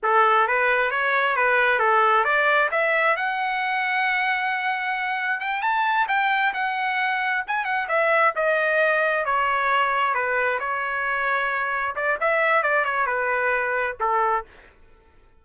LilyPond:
\new Staff \with { instrumentName = "trumpet" } { \time 4/4 \tempo 4 = 133 a'4 b'4 cis''4 b'4 | a'4 d''4 e''4 fis''4~ | fis''1 | g''8 a''4 g''4 fis''4.~ |
fis''8 gis''8 fis''8 e''4 dis''4.~ | dis''8 cis''2 b'4 cis''8~ | cis''2~ cis''8 d''8 e''4 | d''8 cis''8 b'2 a'4 | }